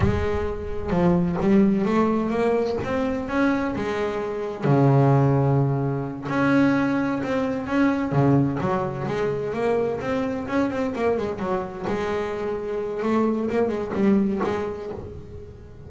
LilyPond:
\new Staff \with { instrumentName = "double bass" } { \time 4/4 \tempo 4 = 129 gis2 f4 g4 | a4 ais4 c'4 cis'4 | gis2 cis2~ | cis4. cis'2 c'8~ |
c'8 cis'4 cis4 fis4 gis8~ | gis8 ais4 c'4 cis'8 c'8 ais8 | gis8 fis4 gis2~ gis8 | a4 ais8 gis8 g4 gis4 | }